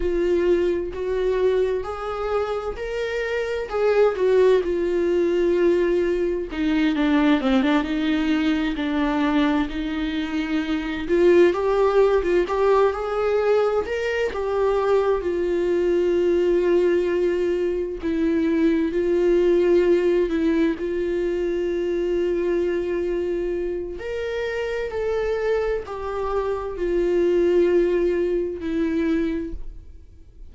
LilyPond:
\new Staff \with { instrumentName = "viola" } { \time 4/4 \tempo 4 = 65 f'4 fis'4 gis'4 ais'4 | gis'8 fis'8 f'2 dis'8 d'8 | c'16 d'16 dis'4 d'4 dis'4. | f'8 g'8. f'16 g'8 gis'4 ais'8 g'8~ |
g'8 f'2. e'8~ | e'8 f'4. e'8 f'4.~ | f'2 ais'4 a'4 | g'4 f'2 e'4 | }